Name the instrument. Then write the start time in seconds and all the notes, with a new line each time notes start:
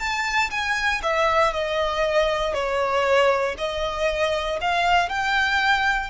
violin
0.00 A5
0.51 G#5
1.03 E5
1.53 D#5
2.54 C#5
3.58 D#5
4.62 F5
5.09 G5